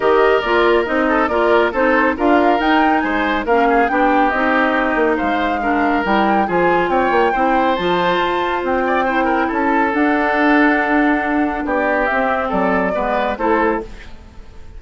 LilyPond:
<<
  \new Staff \with { instrumentName = "flute" } { \time 4/4 \tempo 4 = 139 dis''4 d''4 dis''4 d''4 | c''4 f''4 g''4 gis''4 | f''4 g''4 dis''2 | f''2 g''4 gis''4 |
g''2 a''2 | g''2 a''4 fis''4~ | fis''2. d''4 | e''4 d''2 c''4 | }
  \new Staff \with { instrumentName = "oboe" } { \time 4/4 ais'2~ ais'8 a'8 ais'4 | a'4 ais'2 c''4 | ais'8 gis'8 g'2. | c''4 ais'2 gis'4 |
cis''4 c''2.~ | c''8 d''8 c''8 ais'8 a'2~ | a'2. g'4~ | g'4 a'4 b'4 a'4 | }
  \new Staff \with { instrumentName = "clarinet" } { \time 4/4 g'4 f'4 dis'4 f'4 | dis'4 f'4 dis'2 | cis'4 d'4 dis'2~ | dis'4 d'4 e'4 f'4~ |
f'4 e'4 f'2~ | f'4 e'2 d'4~ | d'1 | c'2 b4 e'4 | }
  \new Staff \with { instrumentName = "bassoon" } { \time 4/4 dis4 ais4 c'4 ais4 | c'4 d'4 dis'4 gis4 | ais4 b4 c'4. ais8 | gis2 g4 f4 |
c'8 ais8 c'4 f4 f'4 | c'2 cis'4 d'4~ | d'2. b4 | c'4 fis4 gis4 a4 | }
>>